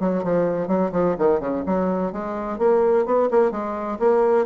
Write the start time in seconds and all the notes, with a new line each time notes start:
0.00 F#3
0.23 F3
0.68 F#3
0.92 F3
1.18 D#3
1.40 C#3
1.66 F#3
2.12 G#3
2.58 A#3
3.05 B3
3.30 A#3
3.51 G#3
3.99 A#3